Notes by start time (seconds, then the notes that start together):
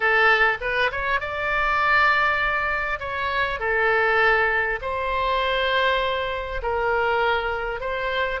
0.00 A4
0.61 B4
0.91 C#5
1.20 D5
2.99 C#5
3.59 A4
4.81 C5
6.62 A#4
7.80 C5